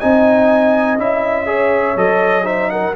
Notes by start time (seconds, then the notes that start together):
0.00 C4 D#4 D#5 G#5
0.98 C#4 E4 E5
1.46 G#4 C#5
1.96 F#3 A4 D#5
2.44 D#4 C5 E5
2.70 A#4 F#5